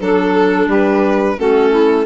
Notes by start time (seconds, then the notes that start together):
0.00 F#3 D4 A4
0.66 G3 G4 B4
1.37 A3 C#4 F#4 A4
1.70 E4